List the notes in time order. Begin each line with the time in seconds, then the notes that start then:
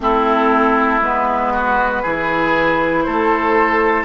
0.00 A3 C4 E4 A4
1.01 G#3 B3 B4
1.53 F#4
2.02 E3 E4 G#4
3.02 A3 A4 C5